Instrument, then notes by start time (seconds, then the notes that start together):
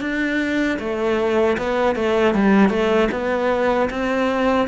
cello
0.00 D4
0.79 A3
1.57 B3
1.96 A3
2.34 G3
2.69 A3
3.11 B3
3.90 C4